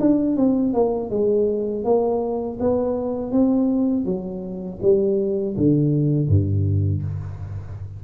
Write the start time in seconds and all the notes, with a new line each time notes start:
0.00 D4
0.37 C4
0.74 A#3
1.10 G#3
1.85 A#3
2.61 B3
3.32 C4
4.05 F#3
4.82 G3
5.57 D3
6.29 G2